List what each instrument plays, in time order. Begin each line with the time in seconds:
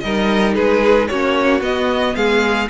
0.00 cello G3, viola D#4, violin A#4 D#5
0.55 cello G#3, violin G#4 B4
1.08 cello A#3, viola C#4, violin F#4 C#5
1.61 viola B3, cello B3, violin D#5
2.15 cello G#3, violin G#4 F5